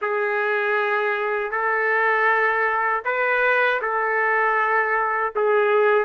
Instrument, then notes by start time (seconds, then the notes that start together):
trumpet
0.01 G#4
1.51 A4
3.04 B4
3.81 A4
5.35 G#4